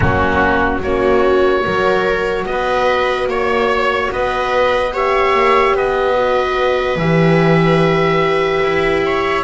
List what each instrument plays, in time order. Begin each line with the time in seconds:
0.00 double bass F#3, horn A#3, viola C#4, oboe F#4
0.81 double bass A#3, horn C#4, viola F#4, oboe C#5
1.63 double bass F#3, horn F#4, viola A#4
2.45 double bass B3, oboe D#5
2.51 viola B4
3.27 double bass A#3, viola C#5, oboe C#5
4.11 double bass B3, viola B4, oboe D#5
4.92 horn G4, viola C#5, oboe E5
5.34 double bass A#3
5.73 double bass B3, viola B4, oboe D#5
6.15 horn F#4
6.96 double bass E3, horn G4, oboe E5
8.63 double bass E4
9.05 viola C#5